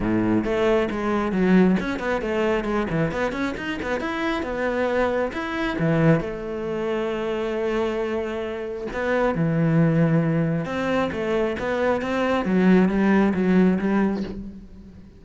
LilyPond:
\new Staff \with { instrumentName = "cello" } { \time 4/4 \tempo 4 = 135 a,4 a4 gis4 fis4 | cis'8 b8 a4 gis8 e8 b8 cis'8 | dis'8 b8 e'4 b2 | e'4 e4 a2~ |
a1 | b4 e2. | c'4 a4 b4 c'4 | fis4 g4 fis4 g4 | }